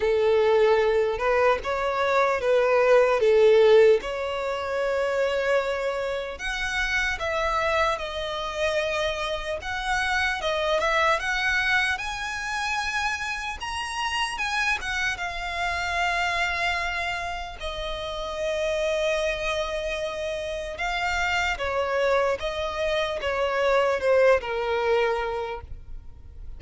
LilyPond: \new Staff \with { instrumentName = "violin" } { \time 4/4 \tempo 4 = 75 a'4. b'8 cis''4 b'4 | a'4 cis''2. | fis''4 e''4 dis''2 | fis''4 dis''8 e''8 fis''4 gis''4~ |
gis''4 ais''4 gis''8 fis''8 f''4~ | f''2 dis''2~ | dis''2 f''4 cis''4 | dis''4 cis''4 c''8 ais'4. | }